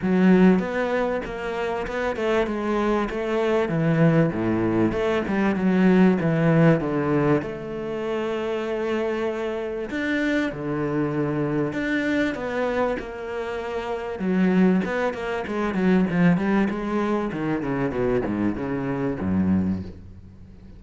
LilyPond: \new Staff \with { instrumentName = "cello" } { \time 4/4 \tempo 4 = 97 fis4 b4 ais4 b8 a8 | gis4 a4 e4 a,4 | a8 g8 fis4 e4 d4 | a1 |
d'4 d2 d'4 | b4 ais2 fis4 | b8 ais8 gis8 fis8 f8 g8 gis4 | dis8 cis8 b,8 gis,8 cis4 fis,4 | }